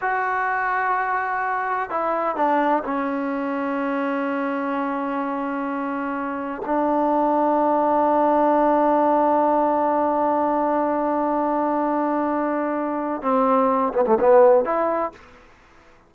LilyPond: \new Staff \with { instrumentName = "trombone" } { \time 4/4 \tempo 4 = 127 fis'1 | e'4 d'4 cis'2~ | cis'1~ | cis'2 d'2~ |
d'1~ | d'1~ | d'1 | c'4. b16 a16 b4 e'4 | }